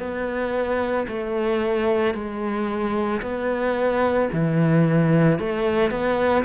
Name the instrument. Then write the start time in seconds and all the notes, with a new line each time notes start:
cello
0.00 B3
1.08 A3
2.14 G#3
3.22 B3
4.33 E3
5.39 A3
5.91 B3